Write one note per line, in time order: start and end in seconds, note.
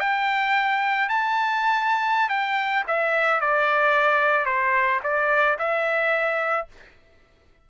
0.00 1.09 G5
1.09 2.29 A5
2.29 2.84 G5
2.87 3.41 E5
3.41 4.46 D5
4.46 5.00 C5
5.03 5.58 D5
5.59 6.68 E5